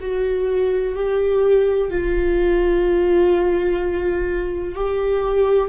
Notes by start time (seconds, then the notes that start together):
0.00 F#4
0.95 G4
1.90 F4
4.75 G4